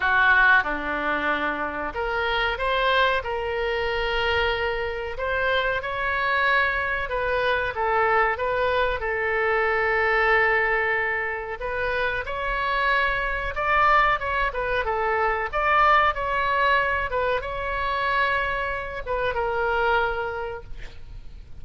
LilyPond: \new Staff \with { instrumentName = "oboe" } { \time 4/4 \tempo 4 = 93 fis'4 d'2 ais'4 | c''4 ais'2. | c''4 cis''2 b'4 | a'4 b'4 a'2~ |
a'2 b'4 cis''4~ | cis''4 d''4 cis''8 b'8 a'4 | d''4 cis''4. b'8 cis''4~ | cis''4. b'8 ais'2 | }